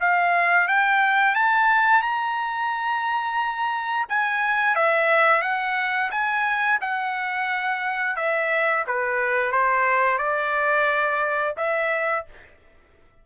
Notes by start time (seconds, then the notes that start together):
0.00 F5
0.68 G5
1.35 A5
2.02 A#5
4.09 G#5
4.75 E5
5.42 F#5
6.11 G#5
6.81 F#5
8.16 E5
8.87 B4
9.52 C5
10.18 D5
11.57 E5